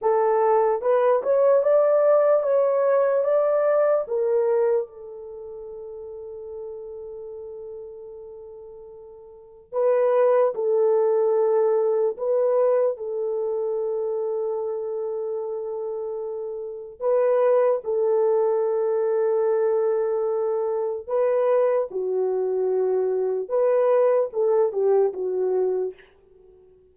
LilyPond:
\new Staff \with { instrumentName = "horn" } { \time 4/4 \tempo 4 = 74 a'4 b'8 cis''8 d''4 cis''4 | d''4 ais'4 a'2~ | a'1 | b'4 a'2 b'4 |
a'1~ | a'4 b'4 a'2~ | a'2 b'4 fis'4~ | fis'4 b'4 a'8 g'8 fis'4 | }